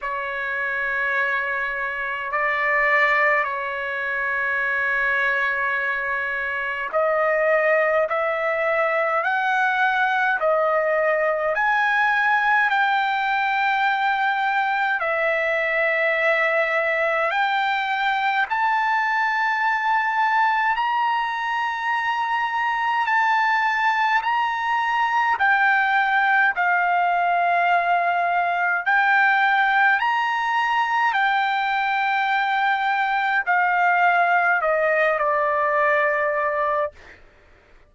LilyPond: \new Staff \with { instrumentName = "trumpet" } { \time 4/4 \tempo 4 = 52 cis''2 d''4 cis''4~ | cis''2 dis''4 e''4 | fis''4 dis''4 gis''4 g''4~ | g''4 e''2 g''4 |
a''2 ais''2 | a''4 ais''4 g''4 f''4~ | f''4 g''4 ais''4 g''4~ | g''4 f''4 dis''8 d''4. | }